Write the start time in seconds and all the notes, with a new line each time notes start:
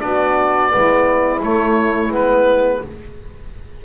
0.00 B3 D4 F#4 D5
0.69 G#3 B3 E4
1.42 A3 C#5
2.09 G#3 B3 B4